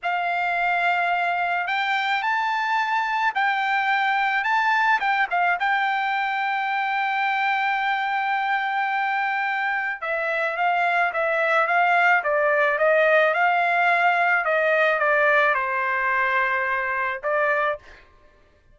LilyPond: \new Staff \with { instrumentName = "trumpet" } { \time 4/4 \tempo 4 = 108 f''2. g''4 | a''2 g''2 | a''4 g''8 f''8 g''2~ | g''1~ |
g''2 e''4 f''4 | e''4 f''4 d''4 dis''4 | f''2 dis''4 d''4 | c''2. d''4 | }